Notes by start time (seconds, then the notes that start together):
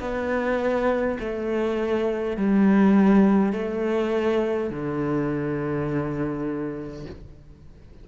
0.00 B3
1.20 A3
2.37 G3
3.52 A3
4.70 D3